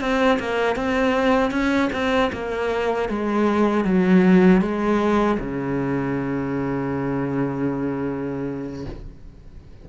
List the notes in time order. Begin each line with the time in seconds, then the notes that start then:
0.00 C4
0.39 A#3
0.76 C4
1.51 C#4
1.92 C4
2.32 A#3
3.09 G#3
3.85 F#3
4.61 G#3
5.39 C#3